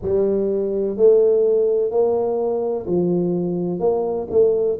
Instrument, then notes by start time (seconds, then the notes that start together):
tuba
0.02 G3
0.96 A3
1.90 A#3
2.86 F3
3.79 A#3
4.30 A3